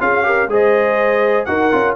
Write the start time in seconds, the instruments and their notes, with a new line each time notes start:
0.00 tuba C#4, trombone F4, horn G#4, trumpet F5
0.24 trombone G4, horn A#4
0.48 tuba G#3, trombone G#4, horn C5, trumpet D#5
1.45 tuba D#4, trombone F#4, horn A#4, trumpet F#5
1.72 tuba C#4, trombone F4